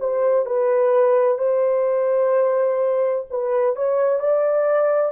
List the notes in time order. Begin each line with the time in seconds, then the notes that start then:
0.00 C5
0.46 B4
1.38 C5
3.31 B4
3.76 C#5
4.20 D5